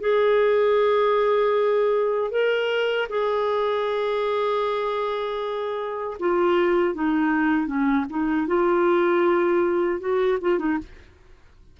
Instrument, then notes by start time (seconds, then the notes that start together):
clarinet
0.00 G#4
2.31 A#4
3.09 G#4
6.20 F4
6.94 D#4
7.67 C#4
8.09 D#4
8.47 F4
10.00 F#4
10.42 F4
10.59 D#4